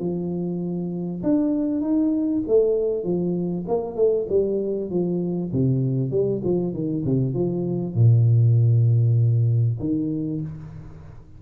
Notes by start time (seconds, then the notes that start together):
0.00 F3
1.23 D4
1.82 D#4
2.48 A3
3.04 F3
3.68 A#3
3.97 A3
4.29 G3
4.91 F3
5.53 C3
6.11 G3
6.45 F3
6.74 D#3
7.05 C3
7.34 F3
7.95 A#2
9.80 D#3